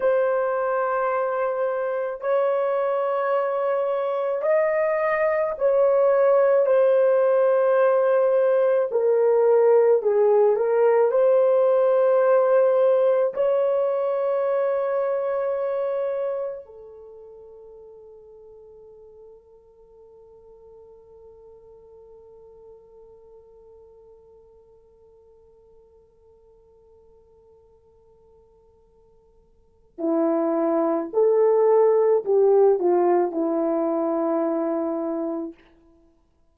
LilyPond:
\new Staff \with { instrumentName = "horn" } { \time 4/4 \tempo 4 = 54 c''2 cis''2 | dis''4 cis''4 c''2 | ais'4 gis'8 ais'8 c''2 | cis''2. a'4~ |
a'1~ | a'1~ | a'2. e'4 | a'4 g'8 f'8 e'2 | }